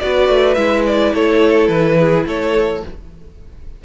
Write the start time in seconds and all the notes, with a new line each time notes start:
0.00 B3 F#4 B4 D5
0.29 A3
0.54 G#3 E4 E5
0.87 D5
1.14 A3 A4 C#5
1.68 E3 B4
1.99 G#4
2.26 A3 A4 C#5